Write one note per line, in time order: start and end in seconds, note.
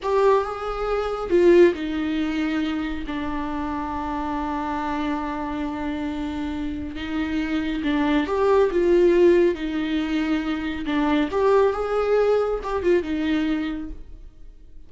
0.02 0.43 G4
0.43 1.30 G#4
1.30 1.73 F4
1.74 3.04 D#4
3.07 6.95 D4
6.95 7.82 D#4
7.83 8.26 D4
8.26 8.70 G4
8.71 9.54 F4
9.54 10.85 D#4
10.85 11.29 D4
11.31 11.73 G4
11.73 12.59 G#4
12.63 12.82 G4
12.82 13.03 F4
13.03 13.90 D#4